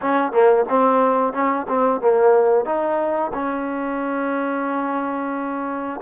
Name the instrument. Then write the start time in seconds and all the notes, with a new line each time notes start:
trombone
0.01 C#4
0.32 A#3
0.69 C4
1.33 C#4
1.68 C4
2.00 A#3
2.65 D#4
3.33 C#4